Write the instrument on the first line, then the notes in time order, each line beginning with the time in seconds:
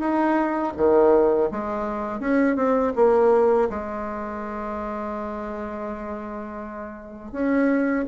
bassoon
0.00 D#4
0.77 D#3
1.51 G#3
2.20 C#4
2.56 C4
2.96 A#3
3.70 G#3
7.32 C#4